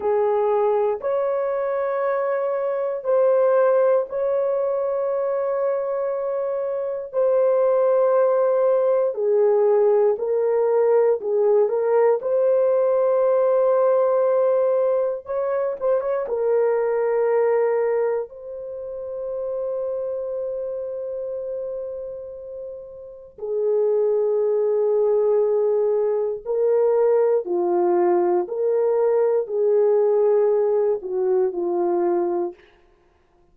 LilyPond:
\new Staff \with { instrumentName = "horn" } { \time 4/4 \tempo 4 = 59 gis'4 cis''2 c''4 | cis''2. c''4~ | c''4 gis'4 ais'4 gis'8 ais'8 | c''2. cis''8 c''16 cis''16 |
ais'2 c''2~ | c''2. gis'4~ | gis'2 ais'4 f'4 | ais'4 gis'4. fis'8 f'4 | }